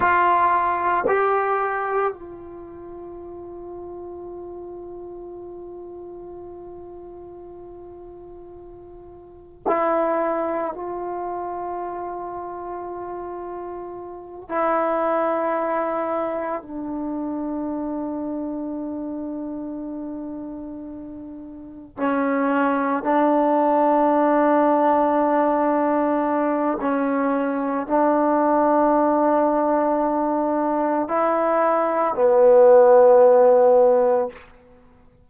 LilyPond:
\new Staff \with { instrumentName = "trombone" } { \time 4/4 \tempo 4 = 56 f'4 g'4 f'2~ | f'1~ | f'4 e'4 f'2~ | f'4. e'2 d'8~ |
d'1~ | d'8 cis'4 d'2~ d'8~ | d'4 cis'4 d'2~ | d'4 e'4 b2 | }